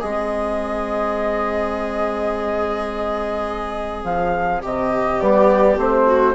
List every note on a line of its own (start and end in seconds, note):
0.00 4.04 G#3
0.00 5.20 C4
0.00 4.62 G#4
0.00 4.04 D#5
4.04 4.62 F3
4.04 4.61 F5
4.62 5.21 C3
4.62 6.06 G4
4.62 5.20 D#5
5.20 5.77 G3
5.20 5.77 B3
5.20 5.77 D5
5.77 6.34 A3
5.77 6.35 C4
5.77 6.35 C5
6.06 6.35 F#4